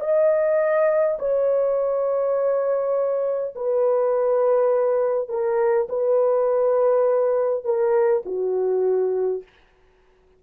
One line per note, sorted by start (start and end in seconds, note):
0.00 1.18 D#5
1.19 3.54 C#5
3.55 5.28 B4
5.28 5.87 A#4
5.89 7.64 B4
7.64 8.22 A#4
8.25 9.43 F#4